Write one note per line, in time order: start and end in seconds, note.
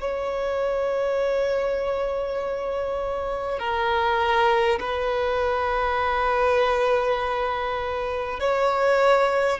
0.00 3.59 C#5
3.59 4.79 A#4
4.79 8.39 B4
8.40 9.59 C#5